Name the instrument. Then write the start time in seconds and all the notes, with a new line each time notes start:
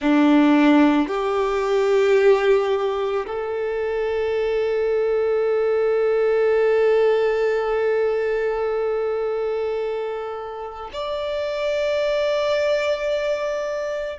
violin
0.00 D4
1.07 G4
3.26 A4
10.92 D5